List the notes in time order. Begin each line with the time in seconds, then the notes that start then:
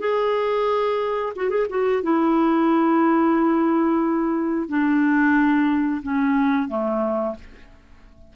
0.00 G#4
1.36 F#4
1.50 G#4
1.70 F#4
2.03 E4
4.69 D4
6.03 C#4
6.69 A3